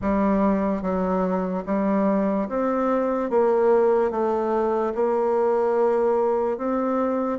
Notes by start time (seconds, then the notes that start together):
0.01 G3
0.81 F#3
1.66 G3
2.48 C4
3.30 A#3
4.11 A3
4.94 A#3
6.57 C4